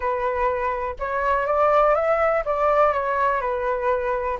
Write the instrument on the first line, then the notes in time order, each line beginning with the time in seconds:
flute
0.00 B4
0.99 C#5
1.46 D5
1.94 E5
2.45 D5
2.93 C#5
3.41 B4